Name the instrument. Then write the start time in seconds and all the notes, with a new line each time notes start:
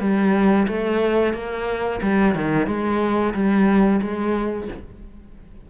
cello
0.00 G3
0.68 A3
1.34 A#3
2.02 G3
2.35 D#3
2.67 G#3
3.34 G3
4.02 G#3